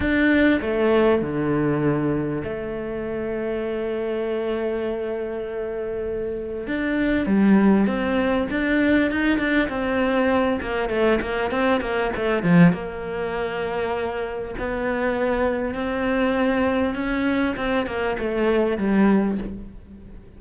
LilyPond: \new Staff \with { instrumentName = "cello" } { \time 4/4 \tempo 4 = 99 d'4 a4 d2 | a1~ | a2. d'4 | g4 c'4 d'4 dis'8 d'8 |
c'4. ais8 a8 ais8 c'8 ais8 | a8 f8 ais2. | b2 c'2 | cis'4 c'8 ais8 a4 g4 | }